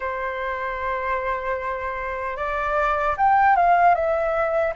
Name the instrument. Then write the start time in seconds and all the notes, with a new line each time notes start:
flute
0.00 C5
2.36 D5
3.17 G5
3.56 F5
3.94 E5